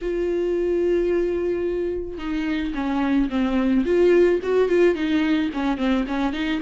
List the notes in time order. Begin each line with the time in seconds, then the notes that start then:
0.01 F4
2.18 D#4
2.74 C#4
3.29 C4
3.85 F4
4.42 F#4
4.68 F4
4.95 D#4
5.53 C#4
5.77 C4
6.07 C#4
6.33 D#4